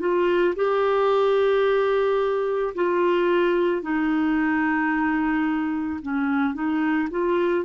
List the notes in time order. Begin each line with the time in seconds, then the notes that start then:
0.00 F4
0.56 G4
2.75 F4
3.82 D#4
6.02 C#4
6.54 D#4
7.11 F4